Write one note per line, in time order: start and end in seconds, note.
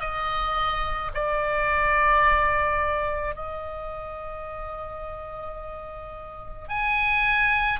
0.00 1.11 D#5
1.14 3.35 D5
3.35 6.68 D#5
6.68 7.79 G#5